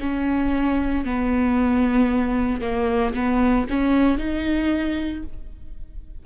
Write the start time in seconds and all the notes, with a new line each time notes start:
0.00 C#4
1.05 B3
2.61 A#3
3.14 B3
3.69 C#4
4.18 D#4